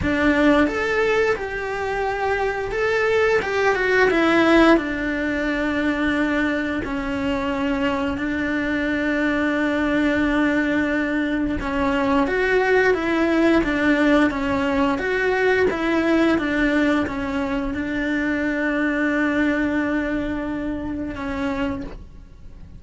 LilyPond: \new Staff \with { instrumentName = "cello" } { \time 4/4 \tempo 4 = 88 d'4 a'4 g'2 | a'4 g'8 fis'8 e'4 d'4~ | d'2 cis'2 | d'1~ |
d'4 cis'4 fis'4 e'4 | d'4 cis'4 fis'4 e'4 | d'4 cis'4 d'2~ | d'2. cis'4 | }